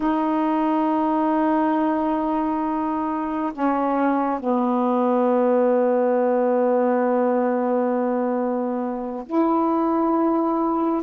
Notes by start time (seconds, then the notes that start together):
0.00 D#4
3.53 C#4
4.39 B3
9.26 E4